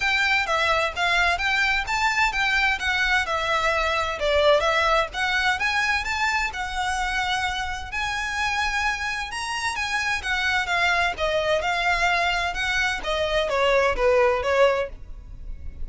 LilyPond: \new Staff \with { instrumentName = "violin" } { \time 4/4 \tempo 4 = 129 g''4 e''4 f''4 g''4 | a''4 g''4 fis''4 e''4~ | e''4 d''4 e''4 fis''4 | gis''4 a''4 fis''2~ |
fis''4 gis''2. | ais''4 gis''4 fis''4 f''4 | dis''4 f''2 fis''4 | dis''4 cis''4 b'4 cis''4 | }